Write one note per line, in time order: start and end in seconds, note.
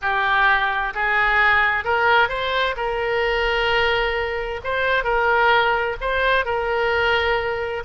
0.01 0.93 G4
0.93 1.84 G#4
1.84 2.28 A#4
2.28 2.75 C5
2.76 4.60 A#4
4.64 5.04 C5
5.04 5.96 A#4
6.00 6.45 C5
6.45 7.83 A#4